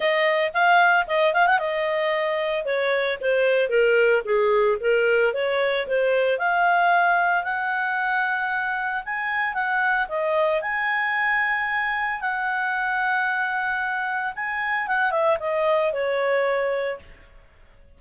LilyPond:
\new Staff \with { instrumentName = "clarinet" } { \time 4/4 \tempo 4 = 113 dis''4 f''4 dis''8 f''16 fis''16 dis''4~ | dis''4 cis''4 c''4 ais'4 | gis'4 ais'4 cis''4 c''4 | f''2 fis''2~ |
fis''4 gis''4 fis''4 dis''4 | gis''2. fis''4~ | fis''2. gis''4 | fis''8 e''8 dis''4 cis''2 | }